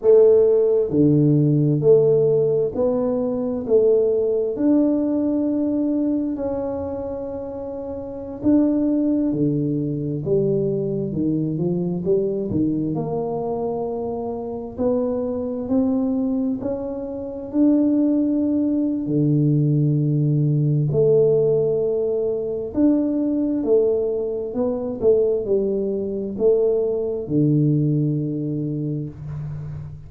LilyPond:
\new Staff \with { instrumentName = "tuba" } { \time 4/4 \tempo 4 = 66 a4 d4 a4 b4 | a4 d'2 cis'4~ | cis'4~ cis'16 d'4 d4 g8.~ | g16 dis8 f8 g8 dis8 ais4.~ ais16~ |
ais16 b4 c'4 cis'4 d'8.~ | d'4 d2 a4~ | a4 d'4 a4 b8 a8 | g4 a4 d2 | }